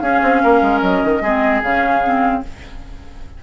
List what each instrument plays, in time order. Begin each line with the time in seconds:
0.00 bassoon C#4, clarinet C#4, oboe G#4, flute F5
0.23 bassoon C4
0.43 bassoon A#3, oboe A#4
0.62 bassoon G#3
0.82 bassoon F#3, flute D#5
1.04 bassoon D#3
1.21 bassoon G#3, clarinet C4, oboe G#4
1.63 bassoon C#3, clarinet C#4, flute F5
2.04 clarinet C4